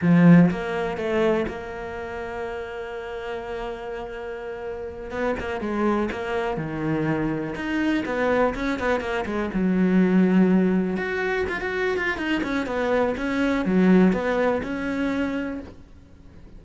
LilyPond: \new Staff \with { instrumentName = "cello" } { \time 4/4 \tempo 4 = 123 f4 ais4 a4 ais4~ | ais1~ | ais2~ ais8 b8 ais8 gis8~ | gis8 ais4 dis2 dis'8~ |
dis'8 b4 cis'8 b8 ais8 gis8 fis8~ | fis2~ fis8 fis'4 f'16 fis'16~ | fis'8 f'8 dis'8 cis'8 b4 cis'4 | fis4 b4 cis'2 | }